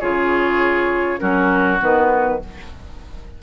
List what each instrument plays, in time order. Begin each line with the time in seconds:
0.00 bassoon C#3, clarinet F4, oboe G#4, flute C#5
1.19 bassoon F#3, clarinet C#4, oboe F#4, flute A#4
1.79 bassoon D#3, clarinet B3, flute B4